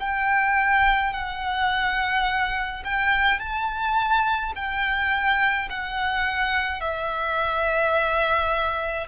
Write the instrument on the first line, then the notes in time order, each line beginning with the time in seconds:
violin
0.00 G5
1.13 F#5
2.85 G5
3.40 A5
4.56 G5
5.70 F#5
6.81 E5